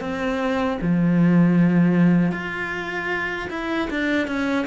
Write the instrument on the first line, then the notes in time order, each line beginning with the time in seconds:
cello
0.00 C4
0.81 F3
2.31 F4
3.50 E4
3.90 D4
4.27 C#4